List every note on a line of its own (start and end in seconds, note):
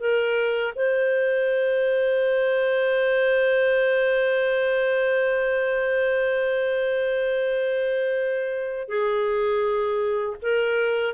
0.00 0.74 A#4
0.76 8.89 C5
8.89 10.37 G#4
10.42 11.15 A#4